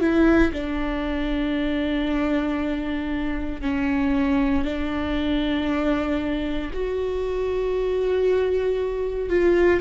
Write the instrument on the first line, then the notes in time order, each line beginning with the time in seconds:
viola
0.00 E4
0.53 D4
3.61 C#4
4.64 D4
6.73 F#4
9.29 F4